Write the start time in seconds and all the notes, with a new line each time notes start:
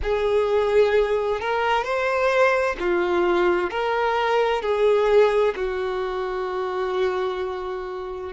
0.03 G#4
1.40 A#4
1.83 C5
2.79 F4
3.70 A#4
4.62 G#4
5.56 F#4